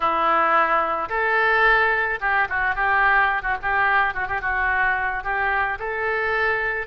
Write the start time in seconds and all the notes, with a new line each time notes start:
0.00 E4
1.09 A4
2.20 G4
2.49 F#4
2.75 G4
3.42 F#4
3.62 G4
4.13 F#4
4.27 G4
4.41 F#4
5.23 G4
5.79 A4